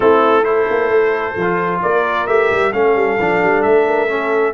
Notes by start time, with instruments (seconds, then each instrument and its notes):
0.00 tuba A3, trombone C4, horn E4, trumpet A4
0.42 trombone E4, horn A4, trumpet C5
0.70 tuba A#3
0.90 tuba A3
1.35 tuba F3, trombone F4
1.82 tuba A#3, horn A#4, trumpet D5
2.27 tuba A3, trombone G4, trumpet E5
2.51 tuba G3
2.72 tuba A3, trombone C#4, horn A4, trumpet F5
2.95 tuba G3
3.19 tuba F3, trombone D4
3.43 tuba G3
3.62 tuba A3, trumpet E5
3.87 horn A#4
4.08 trombone C#4, horn A4